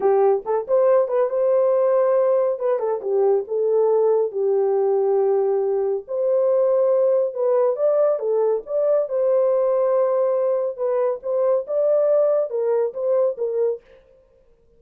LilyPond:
\new Staff \with { instrumentName = "horn" } { \time 4/4 \tempo 4 = 139 g'4 a'8 c''4 b'8 c''4~ | c''2 b'8 a'8 g'4 | a'2 g'2~ | g'2 c''2~ |
c''4 b'4 d''4 a'4 | d''4 c''2.~ | c''4 b'4 c''4 d''4~ | d''4 ais'4 c''4 ais'4 | }